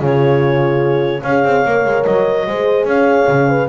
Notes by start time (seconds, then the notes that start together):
0.00 C#3 F4 G#4 C#5
1.23 C#4 G#4 C#5 F5
1.44 C4
1.66 A#3 A#4
1.85 G#3
2.04 F#3 D#5
2.47 G#3 G#4 C5
2.85 C#4 C#5 F5
3.28 C#3
3.49 B4